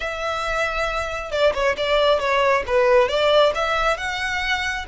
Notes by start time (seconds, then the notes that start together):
0.00 E5
1.31 D5
1.53 C#5
1.77 D5
2.19 C#5
2.66 B4
3.08 D5
3.55 E5
3.97 F#5